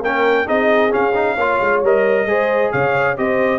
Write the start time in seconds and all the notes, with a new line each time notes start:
0.00 A#3 C#4 A#4 G5
0.46 C4 D#4 G#4 D#5
0.90 C#4 F5
1.15 D#4
1.35 A#3 F4 C#5
1.61 G#3
1.82 G3 A#4 D#5
2.26 G#3 G#4 C5
2.72 C#3 C#5 F5
3.17 C4 G4 C5 D#5